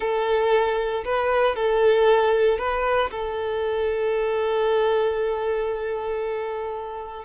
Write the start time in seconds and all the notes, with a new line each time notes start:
0.00 A4
1.04 B4
1.55 A4
2.58 B4
3.10 A4